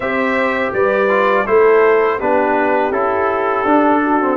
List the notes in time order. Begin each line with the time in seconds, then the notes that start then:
0.00 C4 G4 C5 E5
0.72 G3 B4 D5
1.08 F4
1.46 A3 E4 A4 C5
2.18 B3 D4 G4 B4
2.90 C#4 E4 A4
3.64 D4
4.02 F#4
4.21 C4